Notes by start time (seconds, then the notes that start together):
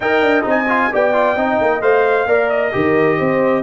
0.00 D#4 A#4 D#5 G5
0.21 D4
0.42 C4 D#4
0.49 G#5
0.68 F4
0.92 B3 G4 D5 G5
1.13 F4
1.35 C4 D#4 D#5
1.61 A#3
1.81 A3 C5 F5
2.26 A#3 A#4 D5
2.49 D#5
2.72 D#3 G4 A#4
3.18 C4 C5